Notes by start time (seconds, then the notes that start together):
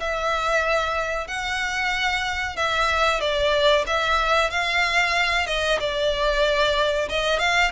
0.00 E5
1.28 F#5
2.57 E5
3.21 D5
3.87 E5
4.50 F5
5.47 D#5
5.80 D5
7.09 D#5
7.39 F5